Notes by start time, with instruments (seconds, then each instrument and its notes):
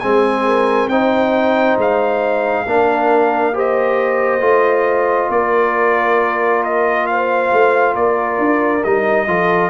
0.00 tuba G#3, trombone C4, horn G#4, trumpet G#5
0.46 horn A#4
0.87 tuba C4, trombone D#4, horn C5, trumpet G5
1.77 tuba G#3, trumpet F5
2.66 tuba A#3, trombone D4, horn A#4
3.53 trombone G4, horn C5, trumpet D#5
4.40 tuba A3, trombone F4
5.29 tuba A#3, horn A#4, trumpet D5
6.64 trumpet D#5
7.07 horn C5, trumpet F5
7.52 tuba A3
7.94 tuba A#3, horn A#4, trumpet D5
8.38 tuba D4
8.84 tuba G3, trombone D#4, trumpet D#5
9.27 tuba F3, trombone F4, horn A4